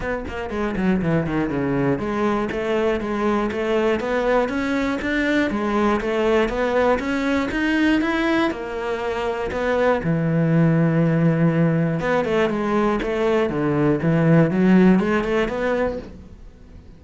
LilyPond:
\new Staff \with { instrumentName = "cello" } { \time 4/4 \tempo 4 = 120 b8 ais8 gis8 fis8 e8 dis8 cis4 | gis4 a4 gis4 a4 | b4 cis'4 d'4 gis4 | a4 b4 cis'4 dis'4 |
e'4 ais2 b4 | e1 | b8 a8 gis4 a4 d4 | e4 fis4 gis8 a8 b4 | }